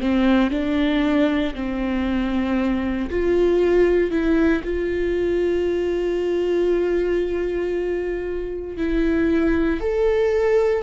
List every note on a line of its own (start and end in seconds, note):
0.00 0.50 C4
0.50 1.54 D4
1.54 3.09 C4
3.09 4.10 F4
4.10 4.62 E4
4.64 8.77 F4
8.77 9.80 E4
9.80 10.82 A4